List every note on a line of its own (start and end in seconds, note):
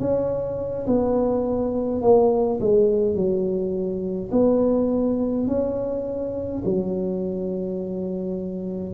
0.00 0.87 C#4
0.87 2.02 B3
2.02 2.60 A#3
2.61 3.16 G#3
3.16 4.31 F#3
4.32 5.48 B3
5.48 6.63 C#4
6.66 8.94 F#3